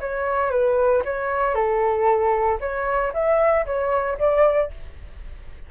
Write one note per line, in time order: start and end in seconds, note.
0.00 0.50 C#5
0.50 1.02 B4
1.05 1.54 C#5
1.54 2.59 A4
2.60 3.12 C#5
3.13 3.65 E5
3.66 4.18 C#5
4.18 4.71 D5